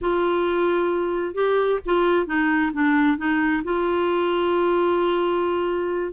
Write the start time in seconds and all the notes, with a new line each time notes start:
0.01 F4
1.34 G4
1.85 F4
2.26 D#4
2.73 D4
3.17 D#4
3.63 F4